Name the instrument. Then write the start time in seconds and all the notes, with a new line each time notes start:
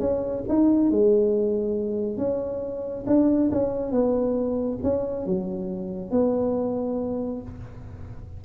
tuba
0.00 C#4
0.49 D#4
0.91 G#3
2.18 C#4
3.07 D4
3.51 C#4
3.92 B3
4.83 C#4
5.26 F#3
6.11 B3